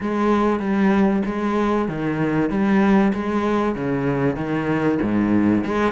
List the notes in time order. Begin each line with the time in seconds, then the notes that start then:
0.01 G#3
0.59 G3
1.25 G#3
1.88 D#3
2.50 G3
3.12 G#3
3.75 C#3
4.36 D#3
5.01 G#2
5.64 G#3